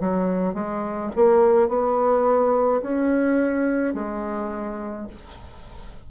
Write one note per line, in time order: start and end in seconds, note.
0.00 0.55 F#3
0.55 1.11 G#3
1.16 1.69 A#3
1.69 2.82 B3
2.83 3.95 C#4
3.95 5.08 G#3